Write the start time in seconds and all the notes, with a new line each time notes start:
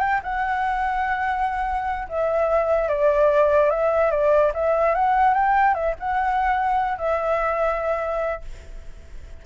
0.00 G5
0.23 F#5
2.09 E5
2.88 D5
3.70 E5
4.11 D5
4.54 E5
4.95 F#5
5.34 G5
5.74 E5
5.99 F#5
6.98 E5